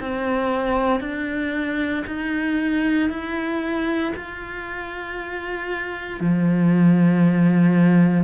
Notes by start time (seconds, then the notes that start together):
0.00 C4
1.00 D4
2.06 D#4
3.10 E4
4.16 F4
6.20 F3